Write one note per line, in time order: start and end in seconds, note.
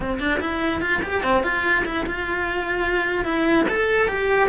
0.00 0.19 C4
0.19 0.40 D4
0.40 0.81 E4
0.81 1.01 F4
1.02 1.23 G4
1.23 1.43 C4
1.43 1.84 F4
1.85 2.05 E4
2.06 3.24 F4
3.24 3.65 E4
3.68 4.07 A4
4.07 4.48 G4